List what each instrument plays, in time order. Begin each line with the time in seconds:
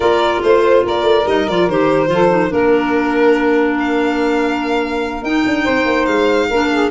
0.00 tuba A#3, clarinet F4, saxophone A#4, violin D5
0.42 tuba A3, violin C5, saxophone C5
0.84 tuba A#3, saxophone A#4, violin D5
1.02 tuba A3
1.26 tuba G3, clarinet D#4, violin D#5
1.48 tuba F3, clarinet F4, violin D5
1.68 tuba D#3, clarinet G4, violin C5
2.07 tuba F3, clarinet F4, saxophone A4
2.29 clarinet D#4
2.50 tuba A#3, clarinet D4, saxophone A#4, violin A#4
3.79 violin F5
5.23 tuba D#4, clarinet D#4, violin G5
5.45 tuba D4
5.64 tuba C4, saxophone C5
5.85 tuba A#3
6.05 tuba G#3, violin F5
6.48 tuba A#3, clarinet D4, saxophone A#4
6.71 saxophone G#4